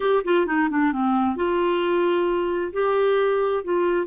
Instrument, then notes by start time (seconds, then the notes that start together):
clarinet
0.00 G4
0.24 F4
0.46 D#4
0.70 D4
0.92 C4
1.36 F4
2.73 G4
3.64 F4